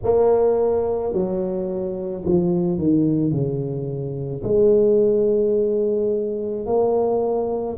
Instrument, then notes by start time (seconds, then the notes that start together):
tuba
0.03 A#3
1.13 F#3
2.25 F3
2.78 D#3
3.31 C#3
4.43 G#3
6.66 A#3